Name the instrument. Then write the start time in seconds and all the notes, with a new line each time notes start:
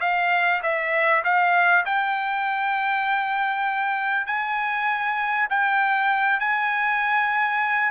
trumpet
0.00 F5
0.62 E5
1.24 F5
1.85 G5
4.26 G#5
5.50 G5
6.40 G#5